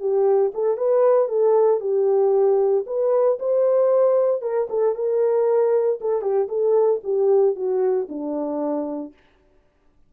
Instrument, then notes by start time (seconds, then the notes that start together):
horn
0.00 G4
0.54 A4
0.77 B4
1.29 A4
1.80 G4
2.86 B4
3.40 C5
4.42 A#4
4.70 A4
4.95 A#4
6.01 A4
6.22 G4
6.49 A4
7.04 G4
7.56 F#4
8.09 D4